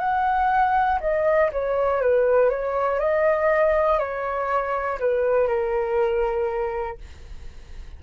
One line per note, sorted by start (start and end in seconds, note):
0.00 1.00 F#5
1.01 1.51 D#5
1.53 2.01 C#5
2.01 2.50 B4
2.50 3.00 C#5
3.00 3.99 D#5
3.99 4.99 C#5
5.00 5.48 B4
5.48 6.98 A#4